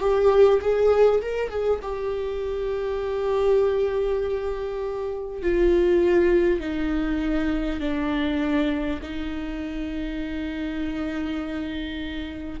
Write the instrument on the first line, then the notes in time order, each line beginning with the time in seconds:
viola
0.00 G4
0.61 G#4
1.21 A#4
1.49 G#4
1.82 G4
5.42 F4
6.59 D#4
7.80 D4
9.02 D#4